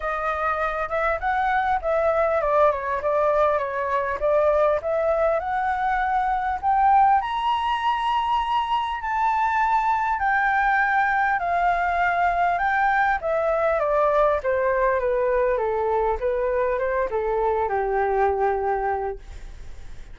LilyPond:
\new Staff \with { instrumentName = "flute" } { \time 4/4 \tempo 4 = 100 dis''4. e''8 fis''4 e''4 | d''8 cis''8 d''4 cis''4 d''4 | e''4 fis''2 g''4 | ais''2. a''4~ |
a''4 g''2 f''4~ | f''4 g''4 e''4 d''4 | c''4 b'4 a'4 b'4 | c''8 a'4 g'2~ g'8 | }